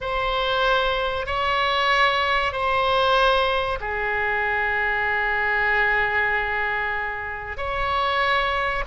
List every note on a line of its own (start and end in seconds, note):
0.00 1.26 C5
1.26 2.52 C#5
2.52 3.78 C5
3.80 7.57 G#4
7.57 8.83 C#5